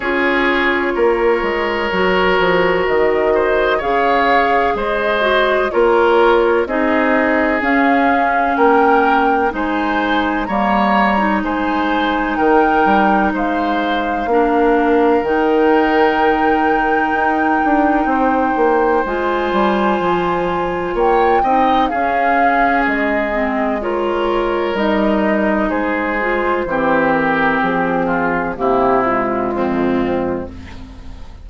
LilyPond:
<<
  \new Staff \with { instrumentName = "flute" } { \time 4/4 \tempo 4 = 63 cis''2. dis''4 | f''4 dis''4 cis''4 dis''4 | f''4 g''4 gis''4 ais''4 | gis''4 g''4 f''2 |
g''1 | gis''2 g''4 f''4 | dis''4 cis''4 dis''4 c''4~ | c''8 ais'8 gis'4 g'8 f'4. | }
  \new Staff \with { instrumentName = "oboe" } { \time 4/4 gis'4 ais'2~ ais'8 c''8 | cis''4 c''4 ais'4 gis'4~ | gis'4 ais'4 c''4 cis''4 | c''4 ais'4 c''4 ais'4~ |
ais'2. c''4~ | c''2 cis''8 dis''8 gis'4~ | gis'4 ais'2 gis'4 | g'4. f'8 e'4 c'4 | }
  \new Staff \with { instrumentName = "clarinet" } { \time 4/4 f'2 fis'2 | gis'4. fis'8 f'4 dis'4 | cis'2 dis'4 ais8. dis'16~ | dis'2. d'4 |
dis'1 | f'2~ f'8 dis'8 cis'4~ | cis'8 c'8 f'4 dis'4. f'8 | c'2 ais8 gis4. | }
  \new Staff \with { instrumentName = "bassoon" } { \time 4/4 cis'4 ais8 gis8 fis8 f8 dis4 | cis4 gis4 ais4 c'4 | cis'4 ais4 gis4 g4 | gis4 dis8 g8 gis4 ais4 |
dis2 dis'8 d'8 c'8 ais8 | gis8 g8 f4 ais8 c'8 cis'4 | gis2 g4 gis4 | e4 f4 c4 f,4 | }
>>